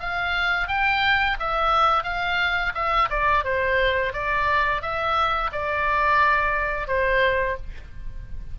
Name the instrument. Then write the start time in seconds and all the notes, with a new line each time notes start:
oboe
0.00 F5
0.68 G5
1.40 E5
2.04 F5
2.75 E5
3.10 D5
3.45 C5
4.13 D5
4.82 E5
5.52 D5
6.88 C5